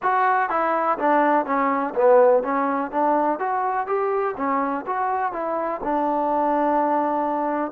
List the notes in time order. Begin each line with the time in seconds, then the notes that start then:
0.02 F#4
0.49 E4
0.98 D4
1.45 C#4
1.94 B3
2.43 C#4
2.91 D4
3.39 F#4
3.87 G4
4.36 C#4
4.86 F#4
5.32 E4
5.83 D4